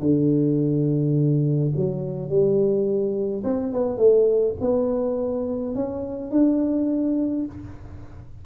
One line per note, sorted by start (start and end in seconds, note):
0.00 1.71 D3
1.76 2.29 F#3
2.29 3.43 G3
3.44 3.73 C4
3.73 3.98 B3
3.98 4.55 A3
4.61 5.75 B3
5.75 6.31 C#4
6.31 7.45 D4